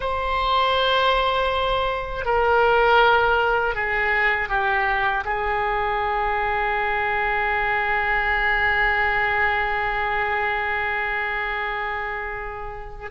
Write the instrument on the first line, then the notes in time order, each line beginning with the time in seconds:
oboe
0.00 C5
2.25 A#4
3.74 G#4
4.49 G4
5.25 G#4